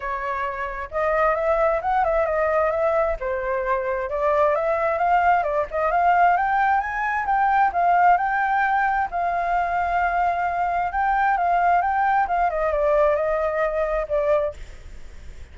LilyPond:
\new Staff \with { instrumentName = "flute" } { \time 4/4 \tempo 4 = 132 cis''2 dis''4 e''4 | fis''8 e''8 dis''4 e''4 c''4~ | c''4 d''4 e''4 f''4 | d''8 dis''8 f''4 g''4 gis''4 |
g''4 f''4 g''2 | f''1 | g''4 f''4 g''4 f''8 dis''8 | d''4 dis''2 d''4 | }